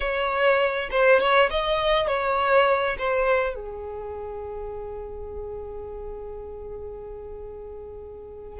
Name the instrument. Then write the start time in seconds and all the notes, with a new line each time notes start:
violin
0.00 C#5
0.90 C5
1.19 C#5
1.50 D#5
2.07 C#5
2.98 C5
3.55 G#4